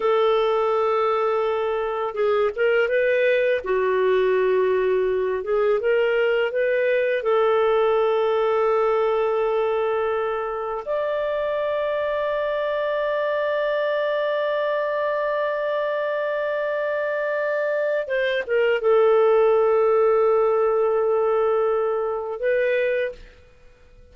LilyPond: \new Staff \with { instrumentName = "clarinet" } { \time 4/4 \tempo 4 = 83 a'2. gis'8 ais'8 | b'4 fis'2~ fis'8 gis'8 | ais'4 b'4 a'2~ | a'2. d''4~ |
d''1~ | d''1~ | d''4 c''8 ais'8 a'2~ | a'2. b'4 | }